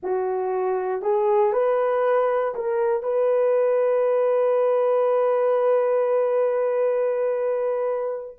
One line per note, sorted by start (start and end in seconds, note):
0.02 1.02 F#4
1.02 1.53 G#4
1.53 2.54 B4
2.54 3.02 A#4
3.02 8.36 B4